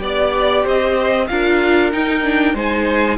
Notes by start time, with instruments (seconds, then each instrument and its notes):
0.00 cello B3, viola G4, violin D5
0.63 cello C4, violin C5 D#5
1.27 cello D4, viola F4, violin A#4 F5
1.92 viola D#4, cello D#4, violin G5
2.23 viola D4
2.54 cello G#3, viola D#4, violin C5 G#5